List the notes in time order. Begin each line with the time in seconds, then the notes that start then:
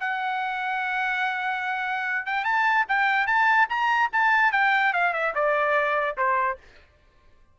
0.00 F#5
2.26 G5
2.45 A5
2.88 G5
3.27 A5
3.69 A#5
4.12 A5
4.52 G5
4.93 F5
5.13 E5
5.35 D5
6.17 C5